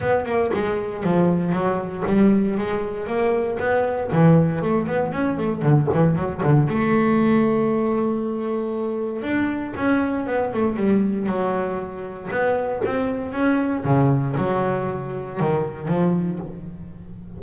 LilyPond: \new Staff \with { instrumentName = "double bass" } { \time 4/4 \tempo 4 = 117 b8 ais8 gis4 f4 fis4 | g4 gis4 ais4 b4 | e4 a8 b8 cis'8 a8 d8 e8 | fis8 d8 a2.~ |
a2 d'4 cis'4 | b8 a8 g4 fis2 | b4 c'4 cis'4 cis4 | fis2 dis4 f4 | }